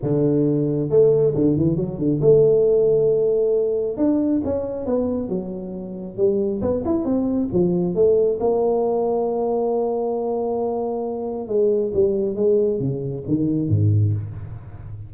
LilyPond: \new Staff \with { instrumentName = "tuba" } { \time 4/4 \tempo 4 = 136 d2 a4 d8 e8 | fis8 d8 a2.~ | a4 d'4 cis'4 b4 | fis2 g4 b8 e'8 |
c'4 f4 a4 ais4~ | ais1~ | ais2 gis4 g4 | gis4 cis4 dis4 gis,4 | }